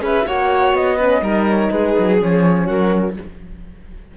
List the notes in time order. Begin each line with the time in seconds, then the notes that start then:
0.00 C#4 G#4 B4 E5
0.27 A#3 F#4 C#5 F#5
0.73 B3 D#5
0.97 C#4 B4
1.21 G3 D#4 A#4
1.49 C#5
1.71 G#3 G#4 B4
1.98 F#3
2.18 F3 C#4 C#5
2.66 F#3 F#4 A#4